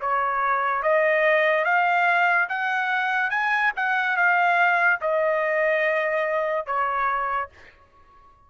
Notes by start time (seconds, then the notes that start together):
0.00 C#5
0.82 D#5
1.64 F5
2.49 F#5
3.30 G#5
3.76 F#5
4.16 F5
5.00 D#5
6.66 C#5